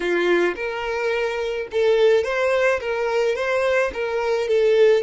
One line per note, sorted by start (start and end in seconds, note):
0.00 0.55 F4
0.55 1.67 A#4
1.71 2.24 A4
2.24 2.80 C5
2.80 3.35 A#4
3.35 3.91 C5
3.93 4.48 A#4
4.48 5.02 A4